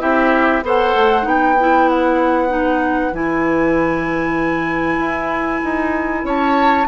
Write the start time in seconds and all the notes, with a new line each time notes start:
0.00 C4 E4 G4 E5
0.62 B3 A4 C5 F#5
0.96 A3
1.23 B3 D#4 B4 G5
1.61 E4
1.89 F#5
2.49 D#4
3.12 E3 E4 G#5
4.99 E4
5.64 D#4
6.24 C#4 C#5 A5